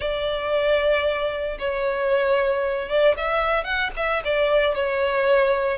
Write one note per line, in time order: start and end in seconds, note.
0.00 1.57 D5
1.59 2.88 C#5
2.88 3.15 D5
3.17 3.64 E5
3.64 3.90 F#5
3.96 4.22 E5
4.24 4.74 D5
4.74 5.78 C#5